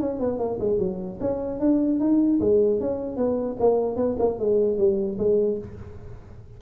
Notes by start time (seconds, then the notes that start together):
0.00 C#4
0.20 B3
0.39 A#3
0.60 G#3
0.79 F#3
1.21 C#4
1.60 D4
2.00 D#4
2.41 G#3
2.81 C#4
3.17 B3
3.60 A#3
3.97 B3
4.20 A#3
4.39 G#3
4.78 G3
5.19 G#3